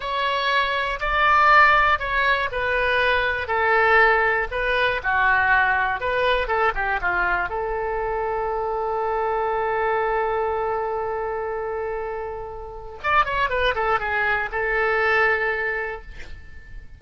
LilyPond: \new Staff \with { instrumentName = "oboe" } { \time 4/4 \tempo 4 = 120 cis''2 d''2 | cis''4 b'2 a'4~ | a'4 b'4 fis'2 | b'4 a'8 g'8 f'4 a'4~ |
a'1~ | a'1~ | a'2 d''8 cis''8 b'8 a'8 | gis'4 a'2. | }